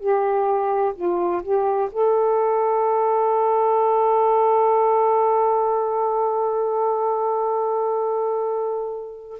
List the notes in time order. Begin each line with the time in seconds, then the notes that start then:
0.00 G4
0.95 F4
1.43 G4
1.92 A4